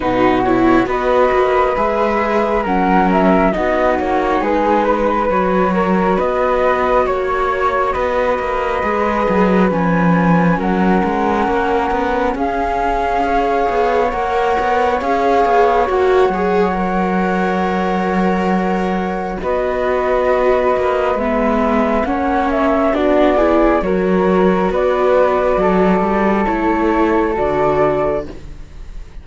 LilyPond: <<
  \new Staff \with { instrumentName = "flute" } { \time 4/4 \tempo 4 = 68 b'8 cis''8 dis''4 e''4 fis''8 e''8 | dis''8 cis''8 b'4 cis''4 dis''4 | cis''4 dis''2 gis''4 | fis''2 f''2 |
fis''4 f''4 fis''2~ | fis''2 dis''2 | e''4 fis''8 e''8 d''4 cis''4 | d''2 cis''4 d''4 | }
  \new Staff \with { instrumentName = "flute" } { \time 4/4 fis'4 b'2 ais'4 | fis'4 gis'8 b'4 ais'8 b'4 | cis''4 b'2. | ais'2 gis'4 cis''4~ |
cis''1~ | cis''2 b'2~ | b'4 cis''4 fis'8 gis'8 ais'4 | b'4 a'2. | }
  \new Staff \with { instrumentName = "viola" } { \time 4/4 dis'8 e'8 fis'4 gis'4 cis'4 | dis'2 fis'2~ | fis'2 gis'4 cis'4~ | cis'2. gis'4 |
ais'4 gis'4 fis'8 gis'8 ais'4~ | ais'2 fis'2 | b4 cis'4 d'8 e'8 fis'4~ | fis'2 e'4 fis'4 | }
  \new Staff \with { instrumentName = "cello" } { \time 4/4 b,4 b8 ais8 gis4 fis4 | b8 ais8 gis4 fis4 b4 | ais4 b8 ais8 gis8 fis8 f4 | fis8 gis8 ais8 b8 cis'4. b8 |
ais8 b8 cis'8 b8 ais8 fis4.~ | fis2 b4. ais8 | gis4 ais4 b4 fis4 | b4 fis8 g8 a4 d4 | }
>>